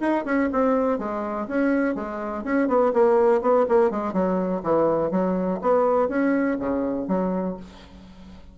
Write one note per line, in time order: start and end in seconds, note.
0.00 0.24 D#4
0.25 0.49 C#4
0.52 0.98 C4
0.98 1.47 G#3
1.47 1.95 C#4
1.95 2.43 G#3
2.43 2.67 C#4
2.67 2.92 B3
2.93 3.41 A#3
3.41 3.65 B3
3.68 3.90 A#3
3.90 4.13 G#3
4.13 4.62 F#3
4.63 5.11 E3
5.11 5.60 F#3
5.61 6.08 B3
6.08 6.57 C#4
6.59 7.08 C#3
7.08 7.56 F#3